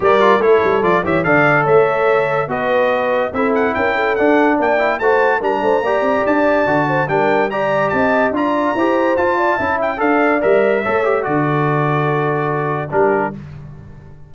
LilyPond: <<
  \new Staff \with { instrumentName = "trumpet" } { \time 4/4 \tempo 4 = 144 d''4 cis''4 d''8 e''8 f''4 | e''2 dis''2 | e''8 fis''8 g''4 fis''4 g''4 | a''4 ais''2 a''4~ |
a''4 g''4 ais''4 a''4 | ais''2 a''4. g''8 | f''4 e''2 d''4~ | d''2. ais'4 | }
  \new Staff \with { instrumentName = "horn" } { \time 4/4 ais'4 a'4. cis''8 d''4 | cis''2 b'2 | a'4 ais'8 a'4. d''4 | c''4 ais'8 c''8 d''2~ |
d''8 c''8 ais'4 d''4 dis''4 | d''4 c''4. d''8 e''4 | d''2 cis''4 a'4~ | a'2. g'4 | }
  \new Staff \with { instrumentName = "trombone" } { \time 4/4 g'8 f'8 e'4 f'8 g'8 a'4~ | a'2 fis'2 | e'2 d'4. e'8 | fis'4 d'4 g'2 |
fis'4 d'4 g'2 | f'4 g'4 f'4 e'4 | a'4 ais'4 a'8 g'8 fis'4~ | fis'2. d'4 | }
  \new Staff \with { instrumentName = "tuba" } { \time 4/4 g4 a8 g8 f8 e8 d4 | a2 b2 | c'4 cis'4 d'4 ais4 | a4 g8 a8 ais8 c'8 d'4 |
d4 g2 c'4 | d'4 e'4 f'4 cis'4 | d'4 g4 a4 d4~ | d2. g4 | }
>>